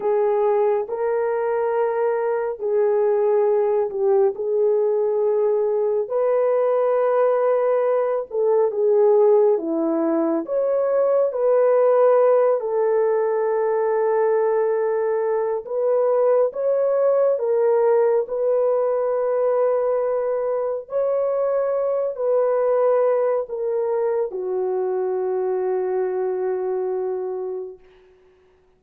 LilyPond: \new Staff \with { instrumentName = "horn" } { \time 4/4 \tempo 4 = 69 gis'4 ais'2 gis'4~ | gis'8 g'8 gis'2 b'4~ | b'4. a'8 gis'4 e'4 | cis''4 b'4. a'4.~ |
a'2 b'4 cis''4 | ais'4 b'2. | cis''4. b'4. ais'4 | fis'1 | }